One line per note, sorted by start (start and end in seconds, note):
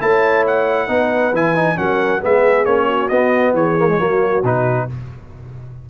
0.00 0.88 A3
0.00 0.88 E4
0.00 0.87 C#5
0.00 0.46 A5
0.47 1.36 F#5
0.87 1.32 B3
0.87 1.33 D#4
0.87 1.76 B4
1.32 1.77 E3
1.32 1.55 E4
1.32 1.77 G#5
1.55 1.76 D#4
1.76 2.23 F#3
1.76 2.21 C#4
1.76 2.22 A#4
1.76 2.22 F#5
2.22 2.66 G#3
2.22 2.66 B3
2.22 2.87 G#4
2.22 2.65 E5
2.65 3.10 A#3
2.65 3.10 C#4
2.65 3.08 C#5
2.87 3.53 F#4
3.08 3.53 B3
3.08 3.78 B3
3.08 3.53 D#5
3.53 3.98 E3
3.53 3.98 G#4
3.53 4.44 C#5
3.78 3.88 A#3
3.88 3.99 G#3
3.98 4.43 F#3
3.98 4.43 A#3
3.98 4.87 F#4
4.43 4.88 B2
4.43 4.89 D#4
4.43 4.90 B4